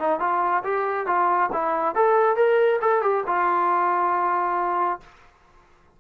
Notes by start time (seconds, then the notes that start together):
0.00 D#4
0.20 F4
0.64 G4
1.07 F4
1.53 E4
1.96 A4
2.37 A#4
2.82 A4
3.02 G4
3.27 F4